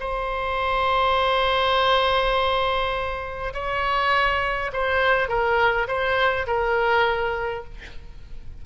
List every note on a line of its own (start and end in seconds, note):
0.00 3.53 C5
3.54 4.71 C#5
4.73 5.28 C5
5.28 5.87 A#4
5.87 6.46 C5
6.47 7.64 A#4